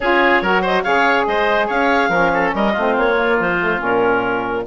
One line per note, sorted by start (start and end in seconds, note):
0.00 0.41 C#4
0.00 0.43 F4
0.00 0.42 G#4
0.00 0.63 C#5
0.41 0.83 F#3
0.41 0.84 F#4
0.41 0.61 A#4
0.61 0.82 C5
0.61 0.83 D#5
0.83 1.26 C#3
0.83 2.10 G#4
0.83 1.26 C#5
0.83 1.25 F5
1.26 1.69 G#3
1.26 1.67 C5
1.26 1.68 D#5
1.67 2.08 C#4
1.67 2.09 C#5
1.67 2.53 F5
2.08 2.51 F3
2.08 2.74 C#4
2.08 2.30 A#4
2.33 2.54 A4
2.54 2.75 G3
2.54 2.72 A#4
2.54 2.96 D#5
2.72 2.97 A3
2.72 3.14 C4
2.72 4.62 F4
2.97 3.39 A#3
2.97 3.39 C#5
3.14 3.57 A#3
3.39 3.81 F3
3.39 3.82 C5
3.60 3.78 A3
3.78 4.65 A#2
3.78 4.63 C#4
3.78 4.66 A#4